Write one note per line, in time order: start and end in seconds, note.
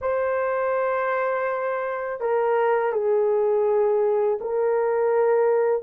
0.01 2.20 C5
2.20 2.92 A#4
2.92 4.38 G#4
4.41 5.82 A#4